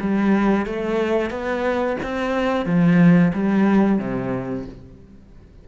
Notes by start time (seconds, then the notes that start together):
0.00 G3
0.66 A3
1.30 B3
2.02 C4
2.65 F3
3.34 G3
3.98 C3